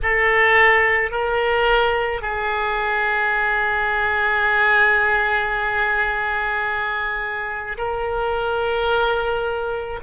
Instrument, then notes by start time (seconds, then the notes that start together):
oboe
0.02 A4
1.11 A#4
2.21 G#4
7.77 A#4